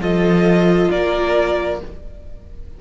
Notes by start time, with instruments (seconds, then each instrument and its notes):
0.00 cello F3, viola F4, violin A4 D#5
0.91 cello A#3, violin A#4 D5